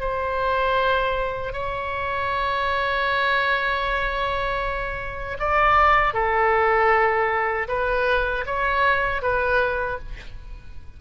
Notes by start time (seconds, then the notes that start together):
0.00 C5
1.53 C#5
5.40 D5
6.14 A4
7.68 B4
8.46 C#5
9.22 B4